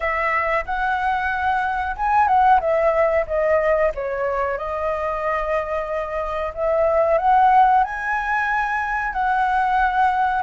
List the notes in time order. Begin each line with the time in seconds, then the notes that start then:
0.00 E5
0.65 F#5
1.96 G#5
2.27 F#5
2.60 E5
3.26 D#5
3.95 C#5
4.57 D#5
6.54 E5
7.18 F#5
7.83 G#5
9.12 F#5